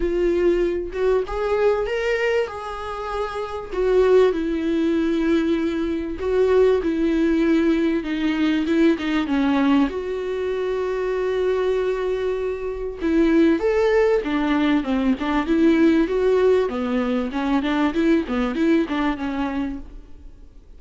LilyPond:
\new Staff \with { instrumentName = "viola" } { \time 4/4 \tempo 4 = 97 f'4. fis'8 gis'4 ais'4 | gis'2 fis'4 e'4~ | e'2 fis'4 e'4~ | e'4 dis'4 e'8 dis'8 cis'4 |
fis'1~ | fis'4 e'4 a'4 d'4 | c'8 d'8 e'4 fis'4 b4 | cis'8 d'8 e'8 b8 e'8 d'8 cis'4 | }